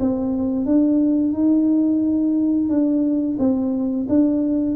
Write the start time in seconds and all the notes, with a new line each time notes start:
0.00 C4
0.65 D4
1.33 D#4
2.69 D4
3.39 C4
4.09 D4